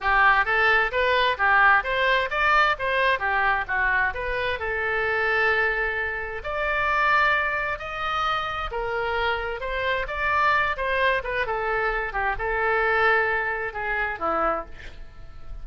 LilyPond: \new Staff \with { instrumentName = "oboe" } { \time 4/4 \tempo 4 = 131 g'4 a'4 b'4 g'4 | c''4 d''4 c''4 g'4 | fis'4 b'4 a'2~ | a'2 d''2~ |
d''4 dis''2 ais'4~ | ais'4 c''4 d''4. c''8~ | c''8 b'8 a'4. g'8 a'4~ | a'2 gis'4 e'4 | }